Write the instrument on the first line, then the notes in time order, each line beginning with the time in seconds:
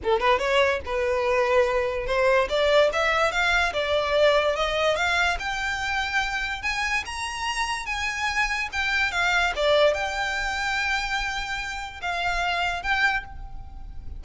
violin
0.03 A4
0.20 B4
0.38 C#5
0.85 B4
2.06 C5
2.49 D5
2.92 E5
3.31 F5
3.73 D5
4.56 D#5
4.96 F5
5.39 G5
6.62 G#5
7.05 A#5
7.86 G#5
8.72 G5
9.11 F5
9.55 D5
9.94 G5
12.01 F5
12.82 G5